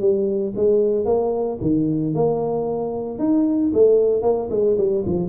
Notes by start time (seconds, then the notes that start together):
0.00 G3
0.56 G#3
1.05 A#3
1.61 D#3
2.14 A#3
3.19 D#4
3.73 A3
4.22 A#3
4.50 G#3
4.77 G3
5.06 F3